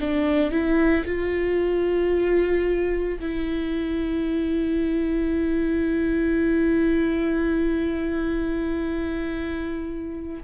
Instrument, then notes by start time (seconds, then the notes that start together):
viola
0.00 D4
0.51 E4
1.05 F4
3.19 E4